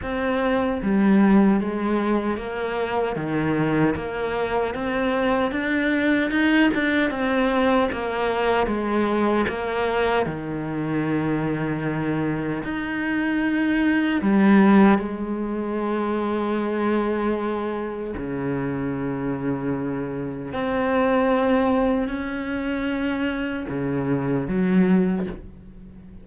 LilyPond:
\new Staff \with { instrumentName = "cello" } { \time 4/4 \tempo 4 = 76 c'4 g4 gis4 ais4 | dis4 ais4 c'4 d'4 | dis'8 d'8 c'4 ais4 gis4 | ais4 dis2. |
dis'2 g4 gis4~ | gis2. cis4~ | cis2 c'2 | cis'2 cis4 fis4 | }